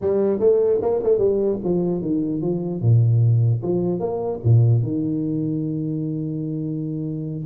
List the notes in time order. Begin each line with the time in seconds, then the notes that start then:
0.01 G3
0.39 A3
0.81 A#3
1.03 A3
1.18 G3
1.63 F3
2.01 D#3
2.41 F3
2.81 A#2
3.62 F3
3.99 A#3
4.44 A#2
4.82 D#3